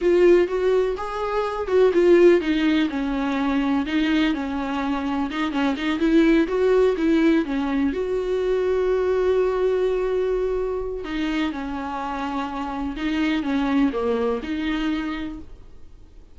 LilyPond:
\new Staff \with { instrumentName = "viola" } { \time 4/4 \tempo 4 = 125 f'4 fis'4 gis'4. fis'8 | f'4 dis'4 cis'2 | dis'4 cis'2 dis'8 cis'8 | dis'8 e'4 fis'4 e'4 cis'8~ |
cis'8 fis'2.~ fis'8~ | fis'2. dis'4 | cis'2. dis'4 | cis'4 ais4 dis'2 | }